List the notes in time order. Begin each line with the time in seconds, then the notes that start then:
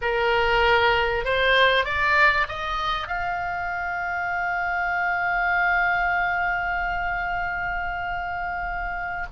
0.01 A#4
1.25 C5
1.84 D5
2.48 D#5
3.07 F5